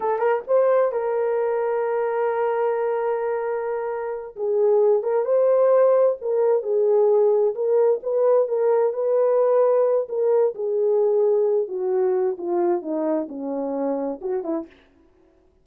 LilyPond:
\new Staff \with { instrumentName = "horn" } { \time 4/4 \tempo 4 = 131 a'8 ais'8 c''4 ais'2~ | ais'1~ | ais'4. gis'4. ais'8 c''8~ | c''4. ais'4 gis'4.~ |
gis'8 ais'4 b'4 ais'4 b'8~ | b'2 ais'4 gis'4~ | gis'4. fis'4. f'4 | dis'4 cis'2 fis'8 e'8 | }